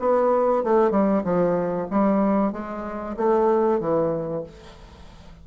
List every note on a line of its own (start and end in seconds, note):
0.00 0.64 B3
0.64 0.91 A3
0.91 1.23 G3
1.24 1.88 F3
1.91 2.52 G3
2.52 3.16 G#3
3.17 3.80 A3
3.80 4.44 E3